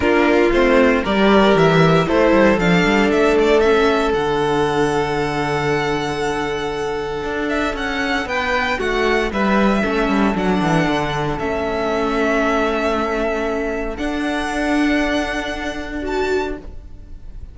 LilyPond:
<<
  \new Staff \with { instrumentName = "violin" } { \time 4/4 \tempo 4 = 116 ais'4 c''4 d''4 e''4 | c''4 f''4 e''8 d''8 e''4 | fis''1~ | fis''2~ fis''8 e''8 fis''4 |
g''4 fis''4 e''2 | fis''2 e''2~ | e''2. fis''4~ | fis''2. a''4 | }
  \new Staff \with { instrumentName = "violin" } { \time 4/4 f'2 ais'2 | a'1~ | a'1~ | a'1 |
b'4 fis'4 b'4 a'4~ | a'1~ | a'1~ | a'1 | }
  \new Staff \with { instrumentName = "viola" } { \time 4/4 d'4 c'4 g'2 | e'4 d'2 cis'4 | d'1~ | d'1~ |
d'2. cis'4 | d'2 cis'2~ | cis'2. d'4~ | d'2. fis'4 | }
  \new Staff \with { instrumentName = "cello" } { \time 4/4 ais4 a4 g4 e4 | a8 g8 f8 g8 a2 | d1~ | d2 d'4 cis'4 |
b4 a4 g4 a8 g8 | fis8 e8 d4 a2~ | a2. d'4~ | d'1 | }
>>